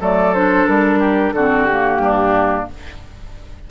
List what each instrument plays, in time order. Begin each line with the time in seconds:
0.00 bassoon F#3, clarinet A3, oboe A4, flute D5
0.34 clarinet D4, flute C5
0.67 bassoon G3, flute A#4
0.99 oboe G4
1.32 bassoon D3, clarinet C4, oboe F#4, flute A4
1.65 clarinet A#3, flute G4
1.98 bassoon G2, oboe D4